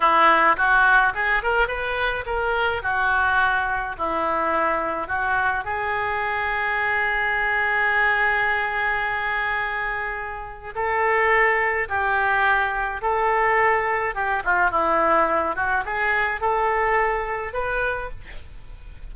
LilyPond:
\new Staff \with { instrumentName = "oboe" } { \time 4/4 \tempo 4 = 106 e'4 fis'4 gis'8 ais'8 b'4 | ais'4 fis'2 e'4~ | e'4 fis'4 gis'2~ | gis'1~ |
gis'2. a'4~ | a'4 g'2 a'4~ | a'4 g'8 f'8 e'4. fis'8 | gis'4 a'2 b'4 | }